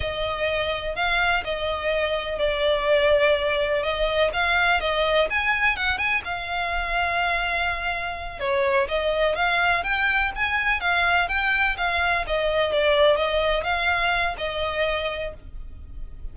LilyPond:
\new Staff \with { instrumentName = "violin" } { \time 4/4 \tempo 4 = 125 dis''2 f''4 dis''4~ | dis''4 d''2. | dis''4 f''4 dis''4 gis''4 | fis''8 gis''8 f''2.~ |
f''4. cis''4 dis''4 f''8~ | f''8 g''4 gis''4 f''4 g''8~ | g''8 f''4 dis''4 d''4 dis''8~ | dis''8 f''4. dis''2 | }